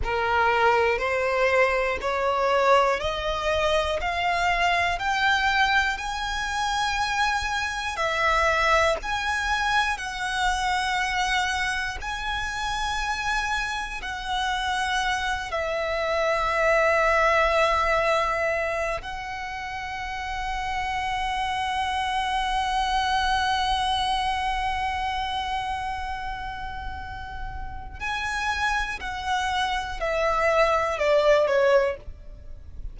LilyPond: \new Staff \with { instrumentName = "violin" } { \time 4/4 \tempo 4 = 60 ais'4 c''4 cis''4 dis''4 | f''4 g''4 gis''2 | e''4 gis''4 fis''2 | gis''2 fis''4. e''8~ |
e''2. fis''4~ | fis''1~ | fis''1 | gis''4 fis''4 e''4 d''8 cis''8 | }